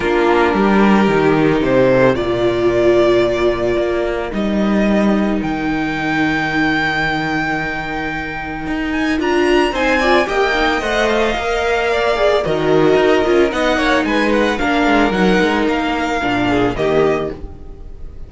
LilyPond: <<
  \new Staff \with { instrumentName = "violin" } { \time 4/4 \tempo 4 = 111 ais'2. c''4 | d''1 | dis''2 g''2~ | g''1~ |
g''8 gis''8 ais''4 gis''4 g''4 | fis''8 f''2~ f''8 dis''4~ | dis''4 fis''4 gis''8 fis''8 f''4 | fis''4 f''2 dis''4 | }
  \new Staff \with { instrumentName = "violin" } { \time 4/4 f'4 g'2~ g'8 a'8 | ais'1~ | ais'1~ | ais'1~ |
ais'2 c''8 d''8 dis''4~ | dis''2 d''4 ais'4~ | ais'4 dis''8 cis''8 b'4 ais'4~ | ais'2~ ais'8 gis'8 g'4 | }
  \new Staff \with { instrumentName = "viola" } { \time 4/4 d'2 dis'2 | f'1 | dis'1~ | dis'1~ |
dis'4 f'4 dis'8 f'8 g'8 dis'8 | c''4 ais'4. gis'8 fis'4~ | fis'8 f'8 dis'2 d'4 | dis'2 d'4 ais4 | }
  \new Staff \with { instrumentName = "cello" } { \time 4/4 ais4 g4 dis4 c4 | ais,2. ais4 | g2 dis2~ | dis1 |
dis'4 d'4 c'4 ais4 | a4 ais2 dis4 | dis'8 cis'8 b8 ais8 gis4 ais8 gis8 | fis8 gis8 ais4 ais,4 dis4 | }
>>